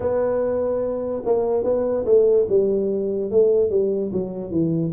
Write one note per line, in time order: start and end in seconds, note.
0.00 1.23 B3
1.25 1.63 A#3
1.63 2.04 B3
2.05 2.46 A3
2.48 3.30 G3
3.30 3.69 A3
3.69 4.11 G3
4.12 4.51 F#3
4.51 4.92 E3